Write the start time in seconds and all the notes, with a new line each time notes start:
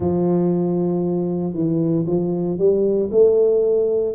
0.00 F3
1.53 E3
2.06 F3
2.58 G3
3.11 A3